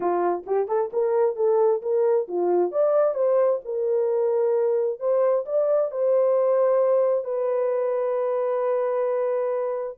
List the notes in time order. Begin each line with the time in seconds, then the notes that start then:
0.00 F4
0.46 G4
0.68 A4
0.92 A#4
1.36 A4
1.82 A#4
2.28 F4
2.71 D5
3.14 C5
3.65 A#4
4.99 C5
5.45 D5
5.91 C5
7.24 B4